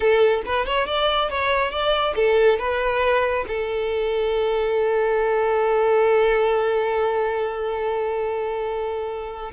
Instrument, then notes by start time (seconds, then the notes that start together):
violin
0.00 A4
0.45 B4
0.66 C#5
0.87 D5
1.29 C#5
1.71 D5
2.15 A4
2.59 B4
3.47 A4